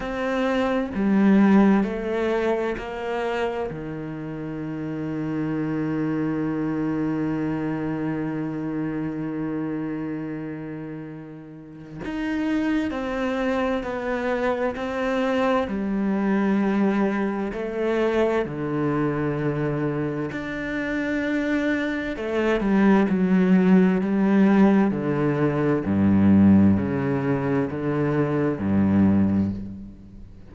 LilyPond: \new Staff \with { instrumentName = "cello" } { \time 4/4 \tempo 4 = 65 c'4 g4 a4 ais4 | dis1~ | dis1~ | dis4 dis'4 c'4 b4 |
c'4 g2 a4 | d2 d'2 | a8 g8 fis4 g4 d4 | g,4 cis4 d4 g,4 | }